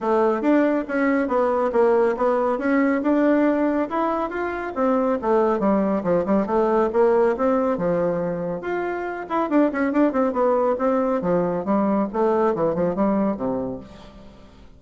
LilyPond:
\new Staff \with { instrumentName = "bassoon" } { \time 4/4 \tempo 4 = 139 a4 d'4 cis'4 b4 | ais4 b4 cis'4 d'4~ | d'4 e'4 f'4 c'4 | a4 g4 f8 g8 a4 |
ais4 c'4 f2 | f'4. e'8 d'8 cis'8 d'8 c'8 | b4 c'4 f4 g4 | a4 e8 f8 g4 c4 | }